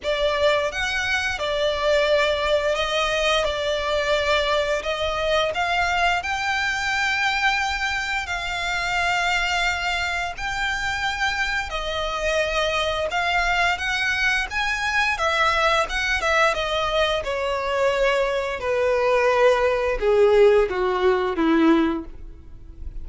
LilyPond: \new Staff \with { instrumentName = "violin" } { \time 4/4 \tempo 4 = 87 d''4 fis''4 d''2 | dis''4 d''2 dis''4 | f''4 g''2. | f''2. g''4~ |
g''4 dis''2 f''4 | fis''4 gis''4 e''4 fis''8 e''8 | dis''4 cis''2 b'4~ | b'4 gis'4 fis'4 e'4 | }